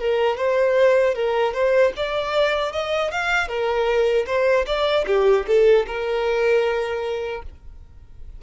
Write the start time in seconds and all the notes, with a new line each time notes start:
0.00 A#4
0.38 C5
1.15 A#4
1.54 C5
1.97 D5
2.73 D#5
3.11 F5
3.48 A#4
4.27 C5
4.66 D5
5.07 G4
5.48 A4
5.87 A#4